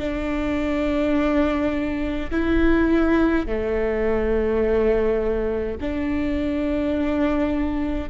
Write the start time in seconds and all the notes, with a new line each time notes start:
0.00 D4
2.31 E4
3.47 A3
5.81 D4